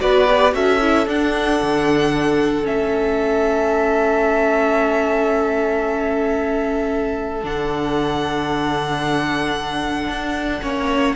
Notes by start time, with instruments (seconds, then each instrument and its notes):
0.00 cello B3, viola F#4, violin B4 D5
0.28 viola G4
0.52 cello C#4, viola F#4, violin A4 E5
0.81 viola E4
1.07 viola D4, cello D4, violin F#5
1.62 cello D3
2.63 cello A3, viola C#4, violin E5
7.44 cello D3, viola D4, violin F#5
10.08 cello D4
10.62 cello A#3, viola C#4, violin C#5